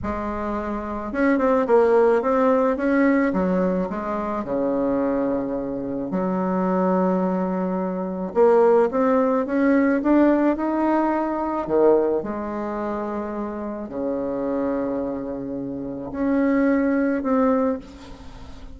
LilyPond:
\new Staff \with { instrumentName = "bassoon" } { \time 4/4 \tempo 4 = 108 gis2 cis'8 c'8 ais4 | c'4 cis'4 fis4 gis4 | cis2. fis4~ | fis2. ais4 |
c'4 cis'4 d'4 dis'4~ | dis'4 dis4 gis2~ | gis4 cis2.~ | cis4 cis'2 c'4 | }